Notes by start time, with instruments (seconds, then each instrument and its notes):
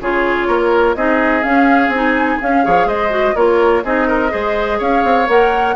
0.00 bassoon C#3, clarinet F4, oboe G#4, flute C#5
0.47 bassoon A#3, oboe A#4
0.95 bassoon C4, clarinet D#4, oboe G#4, flute D#5
1.42 clarinet C#4, bassoon C#4, flute F5
1.88 bassoon C4, flute G#5
1.94 clarinet D#4
2.40 clarinet C#4, bassoon C#4, flute F5
2.64 bassoon F3, clarinet G#4, oboe C#5
2.85 bassoon G#3, oboe C5, flute D#5
3.10 clarinet F#4
3.35 bassoon A#3, clarinet F4, oboe A#4, flute C#5
3.84 bassoon C4, clarinet D#4, oboe G#4, flute D#5
4.08 oboe A#4
4.29 bassoon G#3, clarinet G#4, oboe C5
4.78 bassoon C#4, oboe C#5, flute F5
5.04 bassoon C4
5.28 bassoon A#3, clarinet A#4, flute F#5